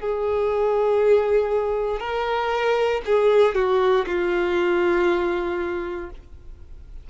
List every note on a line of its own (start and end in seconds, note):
0.00 2.00 G#4
2.00 3.02 A#4
3.06 3.55 G#4
3.55 4.05 F#4
4.07 6.10 F4